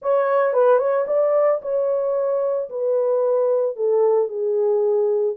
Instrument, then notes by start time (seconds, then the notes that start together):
horn
0.01 C#5
0.53 B4
0.78 C#5
1.07 D5
1.62 C#5
2.69 B4
3.76 A4
4.28 G#4